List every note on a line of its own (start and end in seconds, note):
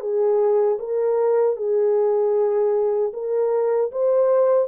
0.00 0.78 G#4
0.79 1.56 A#4
1.56 3.12 G#4
3.13 3.91 A#4
3.91 4.68 C5